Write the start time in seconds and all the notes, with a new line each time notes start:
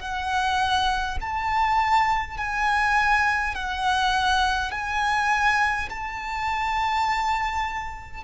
0.00 F#5
1.21 A5
2.38 G#5
3.55 F#5
4.72 G#5
5.90 A5